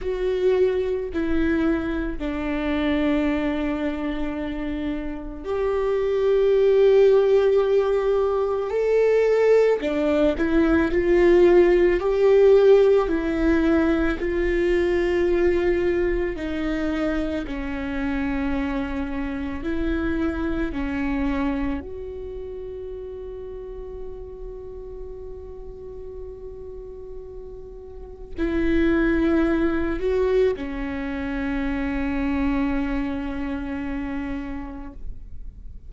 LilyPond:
\new Staff \with { instrumentName = "viola" } { \time 4/4 \tempo 4 = 55 fis'4 e'4 d'2~ | d'4 g'2. | a'4 d'8 e'8 f'4 g'4 | e'4 f'2 dis'4 |
cis'2 e'4 cis'4 | fis'1~ | fis'2 e'4. fis'8 | cis'1 | }